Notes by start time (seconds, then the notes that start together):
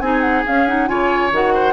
0.00 C4 D#4 G#4 G#5
0.21 F#5
0.47 C#4 F5
0.67 D#4 F#5
0.87 C#3 F4 C#5 G#5
1.32 D#3 F#4 F#5
1.54 C5